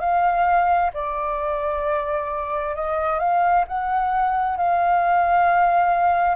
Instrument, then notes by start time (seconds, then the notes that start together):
flute
0.00 F5
0.94 D5
2.76 D#5
3.19 F5
3.68 F#5
4.57 F5